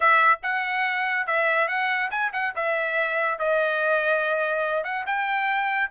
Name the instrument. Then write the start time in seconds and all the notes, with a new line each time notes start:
trumpet
0.00 E5
0.42 F#5
1.26 E5
1.67 F#5
2.10 G#5
2.32 F#5
2.55 E5
3.38 D#5
4.84 F#5
5.06 G5